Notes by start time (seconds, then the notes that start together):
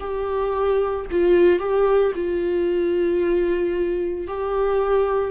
0.00 G4
1.11 F4
1.60 G4
2.15 F4
4.28 G4